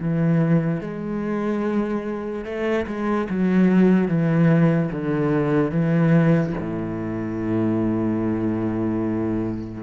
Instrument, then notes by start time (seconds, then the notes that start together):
cello
0.00 E3
0.81 G#3
2.45 A3
2.87 G#3
3.30 F#3
4.08 E3
4.92 D3
5.71 E3
6.59 A2